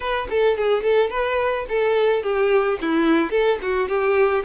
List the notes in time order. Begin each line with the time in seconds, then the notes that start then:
0.00 B4
0.30 A4
0.57 G#4
0.83 A4
1.10 B4
1.68 A4
2.22 G4
2.81 E4
3.30 A4
3.62 F#4
3.88 G4